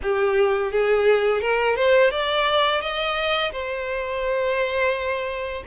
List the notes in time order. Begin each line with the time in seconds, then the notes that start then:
0.02 G4
0.71 G#4
1.41 A#4
1.76 C5
2.10 D5
2.81 D#5
3.51 C5